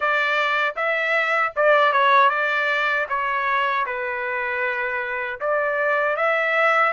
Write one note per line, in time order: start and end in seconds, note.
0.00 0.75 D5
0.76 1.52 E5
1.56 1.92 D5
1.92 2.29 C#5
2.29 3.06 D5
3.08 3.85 C#5
3.86 5.40 B4
5.40 6.16 D5
6.16 6.92 E5